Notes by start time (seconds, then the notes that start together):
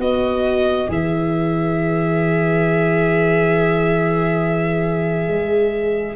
0.00 B3 F#4 B4 D#5
0.88 E3 G#4 E5
5.28 G#3